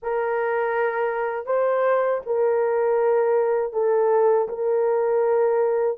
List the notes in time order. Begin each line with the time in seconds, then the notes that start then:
0.02 A#4
1.46 C5
2.26 A#4
3.73 A4
4.48 A#4